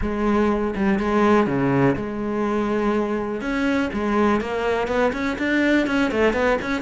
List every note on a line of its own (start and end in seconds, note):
0.01 0.74 G#3
0.75 0.99 G3
0.99 1.47 G#3
1.47 1.95 C#3
1.95 3.41 G#3
3.41 3.90 C#4
3.93 4.40 G#3
4.40 4.87 A#3
4.87 5.12 B3
5.12 5.37 C#4
5.38 5.86 D4
5.86 6.11 C#4
6.11 6.33 A3
6.33 6.57 B3
6.61 6.81 C#4